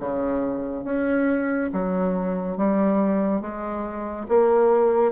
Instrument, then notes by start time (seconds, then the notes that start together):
bassoon
0.00 C#3
0.85 C#4
1.73 F#3
2.58 G3
3.42 G#3
4.29 A#3